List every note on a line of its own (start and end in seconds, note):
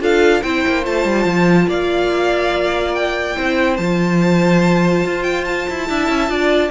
0.00 0.42 D4
0.00 0.42 F4
0.00 0.42 A4
0.00 0.42 F5
0.42 0.64 C4
0.42 0.84 E4
0.42 1.68 C5
0.42 0.84 G5
0.67 0.86 A#3
0.84 1.04 A3
0.84 3.35 F4
0.84 1.69 A5
1.04 1.25 G3
1.25 1.67 F3
1.68 3.36 A#3
1.68 3.36 D5
1.68 2.94 F5
2.94 3.76 G5
3.35 3.78 C4
3.35 3.77 E4
3.35 5.88 C5
3.76 5.04 F3
3.76 5.88 F4
3.76 5.23 A5
5.04 5.67 F4
5.23 5.44 G5
5.44 6.70 A5
5.69 5.89 E4
5.88 6.09 D4
5.88 6.28 E4
5.88 6.30 E5
6.09 6.29 C#4
6.28 6.71 D4
6.28 6.70 F4
6.28 6.71 D5